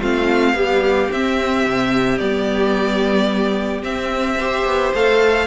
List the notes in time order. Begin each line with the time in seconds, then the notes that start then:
0.00 A3 C4 F4 F5
0.54 G3 B3 G4
1.11 C4 E5
1.66 C3
2.18 G3 B3 D5
3.82 C4 E5
4.38 G4 C5
4.65 B3
4.94 A3 A4 F5